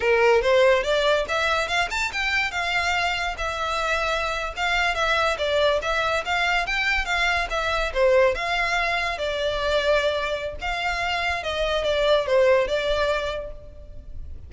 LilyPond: \new Staff \with { instrumentName = "violin" } { \time 4/4 \tempo 4 = 142 ais'4 c''4 d''4 e''4 | f''8 a''8 g''4 f''2 | e''2~ e''8. f''4 e''16~ | e''8. d''4 e''4 f''4 g''16~ |
g''8. f''4 e''4 c''4 f''16~ | f''4.~ f''16 d''2~ d''16~ | d''4 f''2 dis''4 | d''4 c''4 d''2 | }